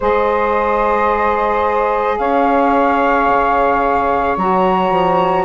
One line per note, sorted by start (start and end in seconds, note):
0.00 2.19 G#3
0.00 4.37 G#4
0.00 2.17 C5
0.00 2.18 D#5
2.18 3.28 C#4
2.18 5.45 C#5
2.18 4.36 F5
3.28 4.37 C#3
4.37 4.90 F#3
4.37 5.45 F#4
4.37 5.45 A#5
4.90 5.45 F3